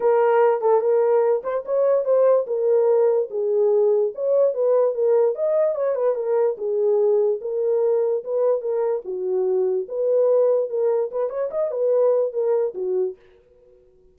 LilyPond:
\new Staff \with { instrumentName = "horn" } { \time 4/4 \tempo 4 = 146 ais'4. a'8 ais'4. c''8 | cis''4 c''4 ais'2 | gis'2 cis''4 b'4 | ais'4 dis''4 cis''8 b'8 ais'4 |
gis'2 ais'2 | b'4 ais'4 fis'2 | b'2 ais'4 b'8 cis''8 | dis''8 b'4. ais'4 fis'4 | }